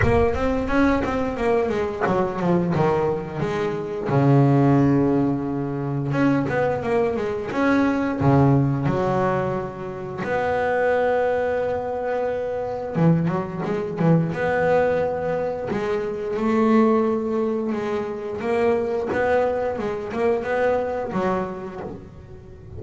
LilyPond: \new Staff \with { instrumentName = "double bass" } { \time 4/4 \tempo 4 = 88 ais8 c'8 cis'8 c'8 ais8 gis8 fis8 f8 | dis4 gis4 cis2~ | cis4 cis'8 b8 ais8 gis8 cis'4 | cis4 fis2 b4~ |
b2. e8 fis8 | gis8 e8 b2 gis4 | a2 gis4 ais4 | b4 gis8 ais8 b4 fis4 | }